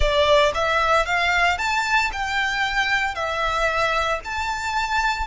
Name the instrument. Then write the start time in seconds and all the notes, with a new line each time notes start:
violin
0.00 D5
0.54 E5
1.05 F5
1.58 A5
2.12 G5
3.14 E5
4.24 A5